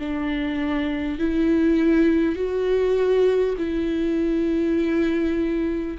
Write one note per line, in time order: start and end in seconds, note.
0.00 1.19 D4
1.19 2.36 E4
2.36 3.56 F#4
3.58 5.98 E4